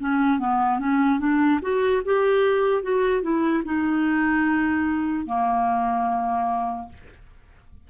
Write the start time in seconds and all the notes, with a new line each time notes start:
0.00 C#4
0.39 B3
0.79 C#4
1.19 D4
1.62 F#4
2.05 G4
2.83 F#4
3.22 E4
3.64 D#4
5.26 A#3